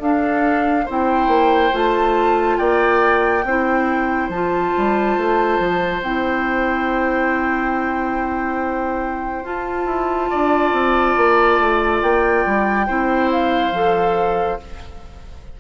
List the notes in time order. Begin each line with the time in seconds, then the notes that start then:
0.00 D4 A4 F5
0.86 C4 E4 C5 G5
1.28 A#3
1.72 A3 F4 A5
2.58 A#3 D5 G5
3.44 C4 E4 C5
4.29 F3 F4 A5
4.78 G3
5.17 A3
5.59 F3
6.02 C4 E4 G5
9.44 F4 A5
9.86 E4
10.31 D4 D5
10.73 C4
11.17 A#3
11.60 A3
12.02 A#3 G5
12.46 G3
12.87 C4 E4 C5
13.32 F5
13.72 F3 A4